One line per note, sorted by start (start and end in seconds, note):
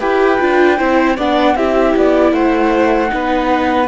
0.00 0.40 E4
0.00 0.39 G4
0.00 0.78 B4
0.00 1.17 G5
0.39 0.80 D4
0.39 0.78 F4
0.78 1.18 C4
0.78 1.17 E4
0.78 1.17 C5
1.17 1.55 B3
1.17 1.57 D4
1.17 1.56 D5
1.17 1.57 F#5
1.55 1.94 C4
1.55 3.08 E4
1.55 2.33 G4
1.55 1.96 E5
1.96 2.33 B3
1.96 2.33 D5
2.33 3.11 A3
2.33 3.11 C5
2.33 3.88 F#5
3.08 3.88 B3
3.08 3.86 D#4
3.14 3.88 B4